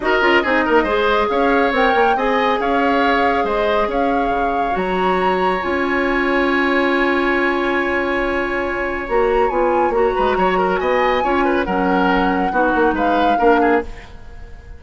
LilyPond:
<<
  \new Staff \with { instrumentName = "flute" } { \time 4/4 \tempo 4 = 139 dis''2. f''4 | g''4 gis''4 f''2 | dis''4 f''2 ais''4~ | ais''4 gis''2.~ |
gis''1~ | gis''4 ais''4 gis''4 ais''4~ | ais''4 gis''2 fis''4~ | fis''2 f''2 | }
  \new Staff \with { instrumentName = "oboe" } { \time 4/4 ais'4 gis'8 ais'8 c''4 cis''4~ | cis''4 dis''4 cis''2 | c''4 cis''2.~ | cis''1~ |
cis''1~ | cis''2.~ cis''8 b'8 | cis''8 ais'8 dis''4 cis''8 b'8 ais'4~ | ais'4 fis'4 b'4 ais'8 gis'8 | }
  \new Staff \with { instrumentName = "clarinet" } { \time 4/4 fis'8 f'8 dis'4 gis'2 | ais'4 gis'2.~ | gis'2. fis'4~ | fis'4 f'2.~ |
f'1~ | f'4 fis'4 f'4 fis'4~ | fis'2 f'4 cis'4~ | cis'4 dis'2 d'4 | }
  \new Staff \with { instrumentName = "bassoon" } { \time 4/4 dis'8 cis'8 c'8 ais8 gis4 cis'4 | c'8 ais8 c'4 cis'2 | gis4 cis'4 cis4 fis4~ | fis4 cis'2.~ |
cis'1~ | cis'4 ais4 b4 ais8 gis8 | fis4 b4 cis'4 fis4~ | fis4 b8 ais8 gis4 ais4 | }
>>